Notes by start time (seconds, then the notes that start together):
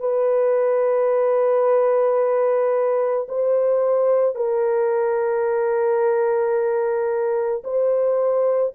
0.00 B4
3.29 C5
4.35 A#4
7.64 C5